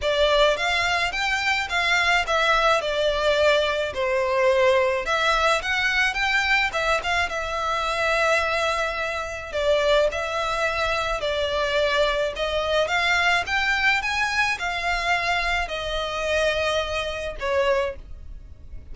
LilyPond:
\new Staff \with { instrumentName = "violin" } { \time 4/4 \tempo 4 = 107 d''4 f''4 g''4 f''4 | e''4 d''2 c''4~ | c''4 e''4 fis''4 g''4 | e''8 f''8 e''2.~ |
e''4 d''4 e''2 | d''2 dis''4 f''4 | g''4 gis''4 f''2 | dis''2. cis''4 | }